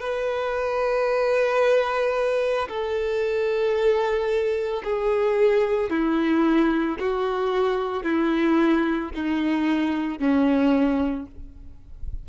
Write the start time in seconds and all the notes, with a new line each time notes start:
0.00 B4
2.68 A4
4.84 G#4
5.90 E4
6.99 F#4
8.03 E4
9.15 D#4
10.19 C#4